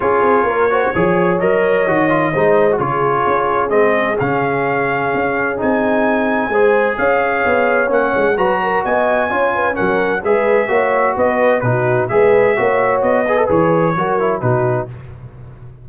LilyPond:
<<
  \new Staff \with { instrumentName = "trumpet" } { \time 4/4 \tempo 4 = 129 cis''2. dis''4~ | dis''2 cis''2 | dis''4 f''2. | gis''2. f''4~ |
f''4 fis''4 ais''4 gis''4~ | gis''4 fis''4 e''2 | dis''4 b'4 e''2 | dis''4 cis''2 b'4 | }
  \new Staff \with { instrumentName = "horn" } { \time 4/4 gis'4 ais'8 c''8 cis''2~ | cis''4 c''4 gis'2~ | gis'1~ | gis'2 c''4 cis''4~ |
cis''2 b'8 ais'8 dis''4 | cis''8 b'8 ais'4 b'4 cis''4 | b'4 fis'4 b'4 cis''4~ | cis''8 b'4. ais'4 fis'4 | }
  \new Staff \with { instrumentName = "trombone" } { \time 4/4 f'4. fis'8 gis'4 ais'4 | fis'8 f'8 dis'8. fis'16 f'2 | c'4 cis'2. | dis'2 gis'2~ |
gis'4 cis'4 fis'2 | f'4 cis'4 gis'4 fis'4~ | fis'4 dis'4 gis'4 fis'4~ | fis'8 gis'16 a'16 gis'4 fis'8 e'8 dis'4 | }
  \new Staff \with { instrumentName = "tuba" } { \time 4/4 cis'8 c'8 ais4 f4 fis4 | dis4 gis4 cis4 cis'4 | gis4 cis2 cis'4 | c'2 gis4 cis'4 |
b4 ais8 gis8 fis4 b4 | cis'4 fis4 gis4 ais4 | b4 b,4 gis4 ais4 | b4 e4 fis4 b,4 | }
>>